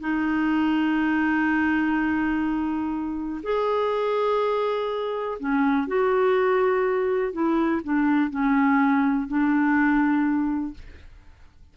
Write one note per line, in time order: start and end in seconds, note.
0.00 3.41 D#4
3.43 5.38 G#4
5.39 5.87 C#4
5.87 7.33 F#4
7.33 7.81 E4
7.84 8.30 D4
8.30 9.27 C#4
9.27 10.74 D4